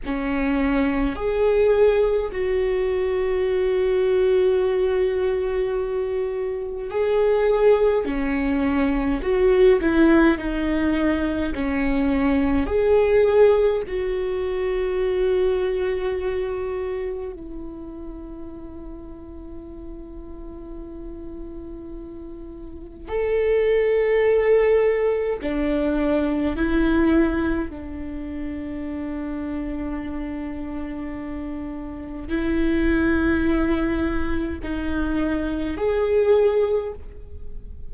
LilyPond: \new Staff \with { instrumentName = "viola" } { \time 4/4 \tempo 4 = 52 cis'4 gis'4 fis'2~ | fis'2 gis'4 cis'4 | fis'8 e'8 dis'4 cis'4 gis'4 | fis'2. e'4~ |
e'1 | a'2 d'4 e'4 | d'1 | e'2 dis'4 gis'4 | }